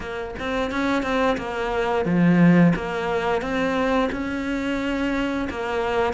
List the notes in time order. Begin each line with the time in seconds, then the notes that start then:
0.00 A#3
0.39 C4
0.71 C#4
1.02 C4
1.37 A#3
2.05 F3
2.75 A#3
3.41 C4
4.12 C#4
5.49 A#3